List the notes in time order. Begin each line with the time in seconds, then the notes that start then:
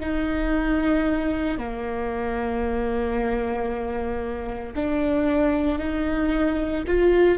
0.00 D#4
1.58 A#3
4.76 D4
5.78 D#4
6.87 F4